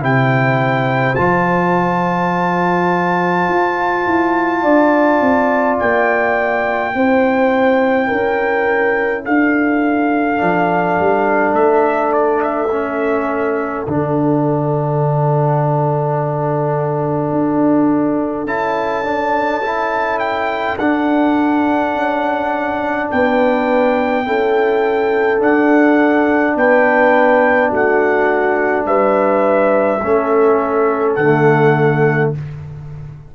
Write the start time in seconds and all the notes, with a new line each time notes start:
0.00 C3 E4 C5 G5
1.16 F3 F4 A5
3.49 F4
4.07 E4
4.63 D4 D5
5.21 C4
5.79 A#3 G5
6.94 C4 E4 C5
8.08 C#4 A#4
9.25 D4 A4 F5
10.38 F3 D4
11.00 G3
11.53 A3 E5
12.13 D5
12.43 E5
12.72 C#4
13.86 D3 D4 F#5
17.32 D4
18.45 C#4 E4 A5
19.04 D4
19.63 E4
20.20 G5
20.79 D4 F#5
21.94 C#4
23.11 B3 B4 G5
24.25 C#4 E4 A4
25.39 D4 F#5
26.56 B3 B4 G5
27.70 A3 F#4 F#5
28.86 G3 B4 E5
30.03 A3 C#4 A4
31.16 D3 A3 F#5